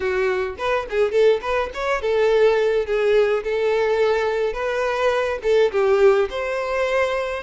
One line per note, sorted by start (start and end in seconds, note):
0.00 0.56 F#4
0.58 0.86 B4
0.90 1.11 G#4
1.11 1.40 A4
1.41 1.70 B4
1.74 2.01 C#5
2.01 2.85 A4
2.85 3.43 G#4
3.43 4.53 A4
4.53 5.39 B4
5.42 5.71 A4
5.71 6.29 G4
6.30 7.43 C5